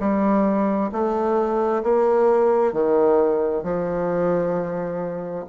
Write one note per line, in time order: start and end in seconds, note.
0.00 0.91 G3
0.92 1.83 A3
1.83 2.73 A#3
2.73 3.63 D#3
3.63 5.45 F3